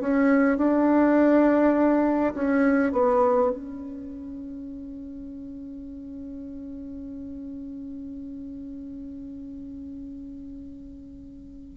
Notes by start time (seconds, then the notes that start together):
0.00 C#4
0.57 D4
2.34 C#4
2.92 B3
3.51 C#4